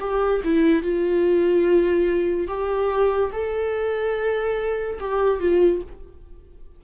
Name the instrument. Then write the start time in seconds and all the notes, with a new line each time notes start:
viola
0.00 G4
0.44 E4
0.82 F4
2.47 G4
3.33 A4
5.00 G4
5.40 F4